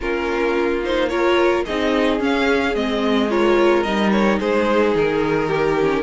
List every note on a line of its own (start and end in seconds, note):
0.00 1.67 A#3
0.00 0.83 C#4
0.00 1.10 F4
0.00 0.83 A#4
0.84 1.10 D#4
0.84 1.08 C5
1.08 1.65 F4
1.08 1.65 A#4
1.08 1.63 C#5
1.65 2.20 C4
1.65 2.19 D#4
1.65 3.30 G#4
1.65 2.20 D#5
2.19 2.74 C#4
2.19 2.75 C#4
2.19 2.75 F5
2.75 3.84 G#3
2.75 3.29 C4
2.75 3.30 D#5
3.29 3.84 F4
3.29 4.40 A#4
3.29 3.83 C#5
3.83 4.39 G3
3.83 5.77 D#4
3.83 4.10 D#5
4.11 4.39 C#5
4.39 4.94 G#3
4.39 5.48 G#4
4.39 4.94 C5
4.94 6.03 D#3
4.94 6.03 A#4
5.48 6.03 G4
5.79 6.03 C#4